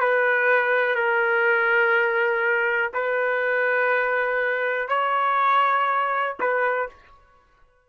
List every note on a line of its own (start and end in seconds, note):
0.00 0.95 B4
0.95 2.92 A#4
2.94 4.89 B4
4.89 6.36 C#5
6.40 6.89 B4